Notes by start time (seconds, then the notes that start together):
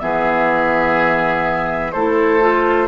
0.00 E3 B3 G#4 E5
1.92 A3 E4 A4 C5
2.41 F4